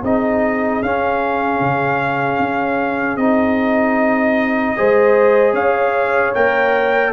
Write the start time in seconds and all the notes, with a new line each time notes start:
0.00 C4 D#4 G#4 D#5
0.82 C#4 F5
1.60 C#3
2.39 C#4
3.16 C4 D#4 D#5
4.76 G#3 G#4 C5
5.53 C#4 C#5 F5
6.34 A#3 A#4 G5